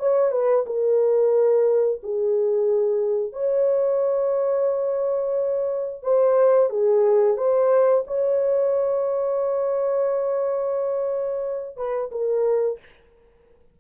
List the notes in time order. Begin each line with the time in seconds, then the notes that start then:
0.00 C#5
0.32 B4
0.66 A#4
2.03 G#4
3.33 C#5
6.03 C5
6.70 G#4
7.37 C5
8.07 C#5
11.77 B4
12.12 A#4